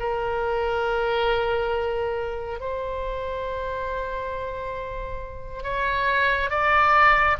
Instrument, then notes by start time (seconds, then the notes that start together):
oboe
0.00 A#4
2.60 C5
5.64 C#5
6.50 D5